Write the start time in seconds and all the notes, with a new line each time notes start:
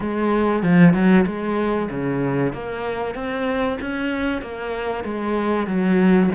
0.00 G#3
0.63 F3
0.93 F#3
1.26 G#3
1.90 C#3
2.53 A#3
3.14 C4
3.80 C#4
4.41 A#3
5.04 G#3
5.67 F#3